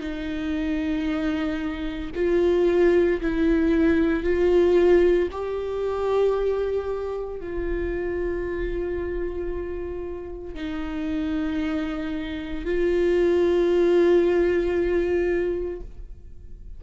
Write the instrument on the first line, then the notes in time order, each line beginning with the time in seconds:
viola
0.00 D#4
2.15 F4
3.21 E4
4.23 F4
5.32 G4
7.40 F4
10.55 D#4
12.65 F4